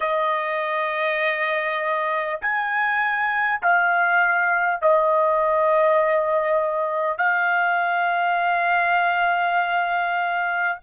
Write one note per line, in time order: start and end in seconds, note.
0.00 2.39 D#5
2.41 3.61 G#5
3.62 4.81 F5
4.81 7.18 D#5
7.18 10.78 F5